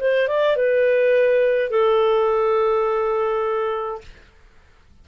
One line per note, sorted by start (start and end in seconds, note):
0.00 0.28 C5
0.28 0.56 D5
0.56 1.70 B4
1.70 4.01 A4